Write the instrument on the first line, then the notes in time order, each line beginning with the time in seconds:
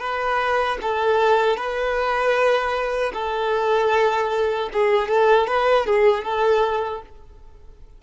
violin
0.00 B4
0.82 A4
1.57 B4
3.13 A4
4.73 G#4
5.08 A4
5.47 B4
5.87 G#4
6.24 A4